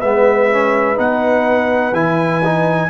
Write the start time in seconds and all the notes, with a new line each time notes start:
0.00 G#3 B3 B4 E5
0.51 C#4
0.95 B3 D#4 F#5
1.92 E3 E4 G#5
2.44 D#4